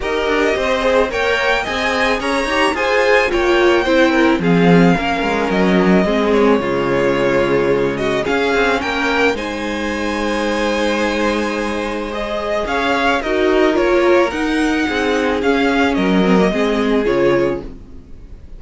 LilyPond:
<<
  \new Staff \with { instrumentName = "violin" } { \time 4/4 \tempo 4 = 109 dis''2 g''4 gis''4 | ais''4 gis''4 g''2 | f''2 dis''4. cis''8~ | cis''2~ cis''8 dis''8 f''4 |
g''4 gis''2.~ | gis''2 dis''4 f''4 | dis''4 cis''4 fis''2 | f''4 dis''2 cis''4 | }
  \new Staff \with { instrumentName = "violin" } { \time 4/4 ais'4 c''4 cis''4 dis''4 | cis''4 c''4 cis''4 c''8 ais'8 | gis'4 ais'2 gis'4 | f'2~ f'8 fis'8 gis'4 |
ais'4 c''2.~ | c''2. cis''4 | ais'2. gis'4~ | gis'4 ais'4 gis'2 | }
  \new Staff \with { instrumentName = "viola" } { \time 4/4 g'4. gis'8 ais'4 gis'4~ | gis'8 g'8 gis'4 f'4 e'4 | c'4 cis'2 c'4 | gis2. cis'4~ |
cis'4 dis'2.~ | dis'2 gis'2 | fis'4 f'4 dis'2 | cis'4. c'16 ais16 c'4 f'4 | }
  \new Staff \with { instrumentName = "cello" } { \time 4/4 dis'8 d'8 c'4 ais4 c'4 | cis'8 dis'8 f'4 ais4 c'4 | f4 ais8 gis8 fis4 gis4 | cis2. cis'8 c'8 |
ais4 gis2.~ | gis2. cis'4 | dis'4 ais4 dis'4 c'4 | cis'4 fis4 gis4 cis4 | }
>>